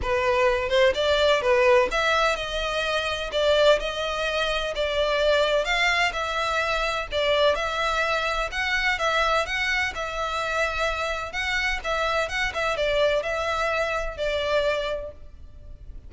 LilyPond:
\new Staff \with { instrumentName = "violin" } { \time 4/4 \tempo 4 = 127 b'4. c''8 d''4 b'4 | e''4 dis''2 d''4 | dis''2 d''2 | f''4 e''2 d''4 |
e''2 fis''4 e''4 | fis''4 e''2. | fis''4 e''4 fis''8 e''8 d''4 | e''2 d''2 | }